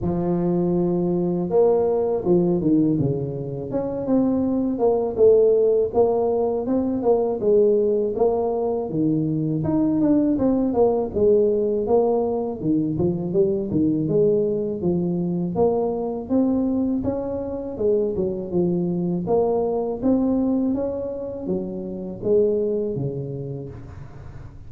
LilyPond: \new Staff \with { instrumentName = "tuba" } { \time 4/4 \tempo 4 = 81 f2 ais4 f8 dis8 | cis4 cis'8 c'4 ais8 a4 | ais4 c'8 ais8 gis4 ais4 | dis4 dis'8 d'8 c'8 ais8 gis4 |
ais4 dis8 f8 g8 dis8 gis4 | f4 ais4 c'4 cis'4 | gis8 fis8 f4 ais4 c'4 | cis'4 fis4 gis4 cis4 | }